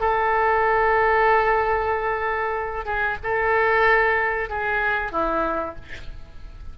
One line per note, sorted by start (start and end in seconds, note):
0.00 2.85 A4
2.85 3.17 G#4
3.23 4.49 A4
4.49 5.12 G#4
5.12 5.75 E4